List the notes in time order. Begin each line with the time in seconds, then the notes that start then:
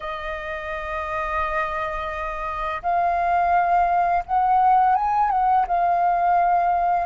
0.00 D#5
2.82 F5
4.25 F#5
4.95 G#5
5.30 F#5
5.67 F5